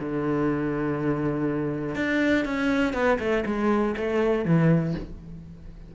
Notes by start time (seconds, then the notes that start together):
0.00 D3
1.96 D4
2.45 C#4
2.93 B3
3.20 A3
3.46 G#3
3.97 A3
4.45 E3